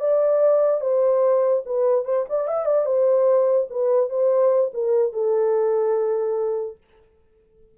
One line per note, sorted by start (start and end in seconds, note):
0.00 0.81 D5
0.81 1.63 C5
1.66 2.05 B4
2.05 2.25 C5
2.29 2.47 D5
2.47 2.65 E5
2.65 2.85 D5
2.85 3.67 C5
3.70 4.10 B4
4.10 4.71 C5
4.74 5.13 A#4
5.13 6.77 A4